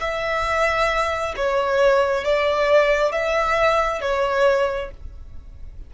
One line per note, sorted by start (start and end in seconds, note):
0.00 1.34 E5
1.36 2.24 C#5
2.24 3.12 D5
3.12 4.01 E5
4.01 4.91 C#5